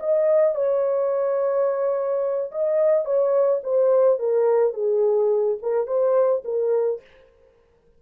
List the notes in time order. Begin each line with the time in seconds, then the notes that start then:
0.00 D#5
0.55 C#5
2.52 D#5
3.05 C#5
3.64 C5
4.19 A#4
4.74 G#4
5.63 A#4
5.87 C5
6.45 A#4